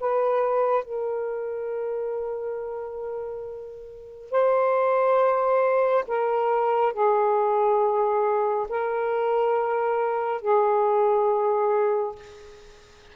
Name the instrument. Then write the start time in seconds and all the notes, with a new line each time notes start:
saxophone
0.00 B4
0.84 A#4
4.31 C5
6.07 A#4
6.93 G#4
8.69 A#4
10.42 G#4